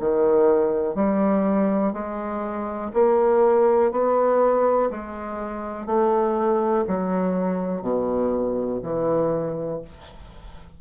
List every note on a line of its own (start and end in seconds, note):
0.00 0.95 D#3
0.95 1.93 G3
1.93 2.92 G#3
2.93 3.92 A#3
3.92 4.90 B3
4.91 5.86 G#3
5.86 6.85 A3
6.88 7.82 F#3
7.82 8.80 B2
8.83 9.81 E3